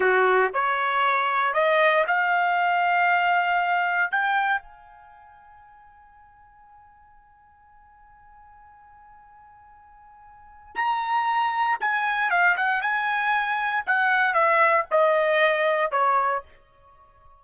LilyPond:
\new Staff \with { instrumentName = "trumpet" } { \time 4/4 \tempo 4 = 117 fis'4 cis''2 dis''4 | f''1 | g''4 gis''2.~ | gis''1~ |
gis''1~ | gis''4 ais''2 gis''4 | f''8 fis''8 gis''2 fis''4 | e''4 dis''2 cis''4 | }